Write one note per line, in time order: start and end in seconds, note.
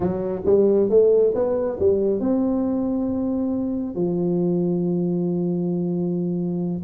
0.00 0.42 F#3
0.45 0.89 G3
0.89 1.33 A3
1.34 1.78 B3
1.79 2.19 G3
2.19 3.95 C4
3.95 6.82 F3